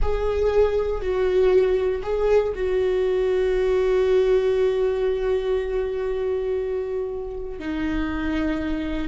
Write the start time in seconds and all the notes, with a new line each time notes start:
0.01 G#4
1.01 F#4
2.02 G#4
2.55 F#4
7.59 D#4